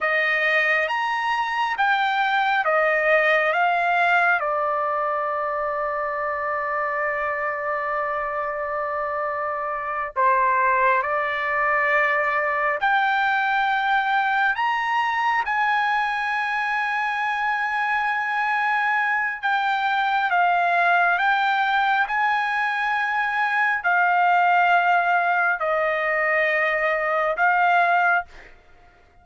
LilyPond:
\new Staff \with { instrumentName = "trumpet" } { \time 4/4 \tempo 4 = 68 dis''4 ais''4 g''4 dis''4 | f''4 d''2.~ | d''2.~ d''8 c''8~ | c''8 d''2 g''4.~ |
g''8 ais''4 gis''2~ gis''8~ | gis''2 g''4 f''4 | g''4 gis''2 f''4~ | f''4 dis''2 f''4 | }